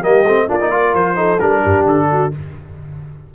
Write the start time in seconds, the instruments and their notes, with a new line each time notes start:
0.00 tuba G3, trombone A#3, horn G4, trumpet D#5
0.24 tuba A3, trombone C4
0.48 tuba A#3, trombone D4, horn F4, trumpet D5
0.60 trombone D#4
0.71 trombone F4, horn A#4
0.94 tuba F3, trumpet C5
1.16 trombone D#4, horn A4
1.40 tuba G3, trombone D4, trumpet A#4
1.62 tuba G2, horn G4
1.86 tuba D3, trumpet A4
2.12 horn F#4